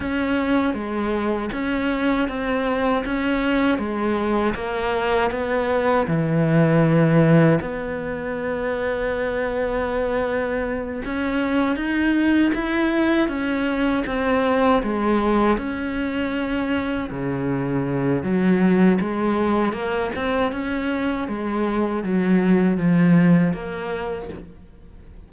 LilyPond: \new Staff \with { instrumentName = "cello" } { \time 4/4 \tempo 4 = 79 cis'4 gis4 cis'4 c'4 | cis'4 gis4 ais4 b4 | e2 b2~ | b2~ b8 cis'4 dis'8~ |
dis'8 e'4 cis'4 c'4 gis8~ | gis8 cis'2 cis4. | fis4 gis4 ais8 c'8 cis'4 | gis4 fis4 f4 ais4 | }